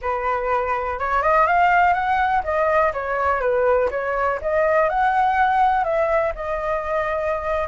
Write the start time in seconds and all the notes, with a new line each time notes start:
0.01 B4
0.99 C#5
1.22 D#5
1.46 F5
1.93 F#5
2.43 D#5
2.93 C#5
3.40 B4
3.90 C#5
4.41 D#5
4.89 F#5
5.84 E5
6.35 D#5